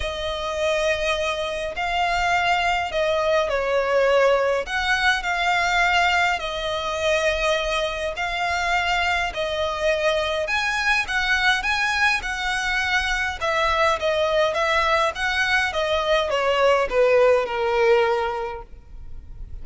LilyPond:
\new Staff \with { instrumentName = "violin" } { \time 4/4 \tempo 4 = 103 dis''2. f''4~ | f''4 dis''4 cis''2 | fis''4 f''2 dis''4~ | dis''2 f''2 |
dis''2 gis''4 fis''4 | gis''4 fis''2 e''4 | dis''4 e''4 fis''4 dis''4 | cis''4 b'4 ais'2 | }